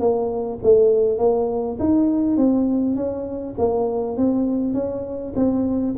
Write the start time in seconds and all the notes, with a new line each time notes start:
0.00 A#3
0.64 A3
1.19 A#3
1.80 D#4
2.37 C4
2.96 C#4
3.59 A#3
4.17 C4
4.74 C#4
5.36 C4